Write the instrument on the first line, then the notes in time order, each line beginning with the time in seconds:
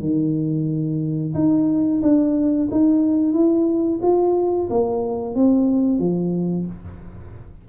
tuba
0.00 D#3
1.34 D#4
2.02 D4
2.71 D#4
3.33 E4
4.02 F4
4.70 A#3
5.35 C4
5.99 F3